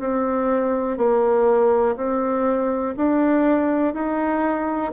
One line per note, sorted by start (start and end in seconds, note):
0.00 0.98 C4
0.98 1.96 A#3
1.97 2.95 C4
2.97 3.94 D4
3.94 4.92 D#4